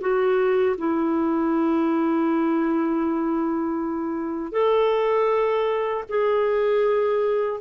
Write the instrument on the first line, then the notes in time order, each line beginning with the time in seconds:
clarinet
0.00 F#4
0.78 E4
4.52 A4
6.09 G#4